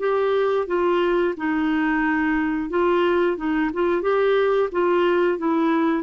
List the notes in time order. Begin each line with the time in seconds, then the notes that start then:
0.00 G4
0.67 F4
1.38 D#4
2.70 F4
3.37 D#4
3.74 F4
4.02 G4
4.72 F4
5.39 E4